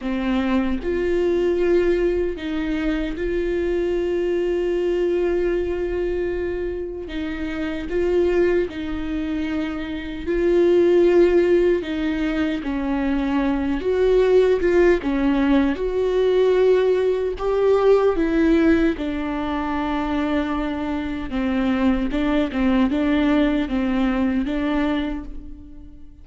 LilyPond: \new Staff \with { instrumentName = "viola" } { \time 4/4 \tempo 4 = 76 c'4 f'2 dis'4 | f'1~ | f'4 dis'4 f'4 dis'4~ | dis'4 f'2 dis'4 |
cis'4. fis'4 f'8 cis'4 | fis'2 g'4 e'4 | d'2. c'4 | d'8 c'8 d'4 c'4 d'4 | }